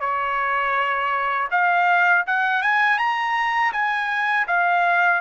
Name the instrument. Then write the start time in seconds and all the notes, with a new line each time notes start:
trumpet
0.00 C#5
1.51 F5
2.26 F#5
2.62 G#5
2.98 A#5
3.72 G#5
4.47 F5